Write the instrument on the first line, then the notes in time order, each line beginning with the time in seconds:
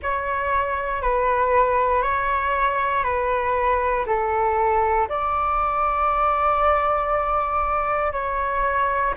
flute
0.02 C#5
1.02 B4
2.02 C#5
3.03 B4
4.06 A4
5.08 D5
8.12 C#5